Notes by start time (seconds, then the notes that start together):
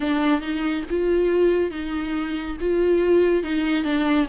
0.00 D4
0.41 D#4
0.90 F4
1.71 D#4
2.60 F4
3.43 D#4
3.84 D4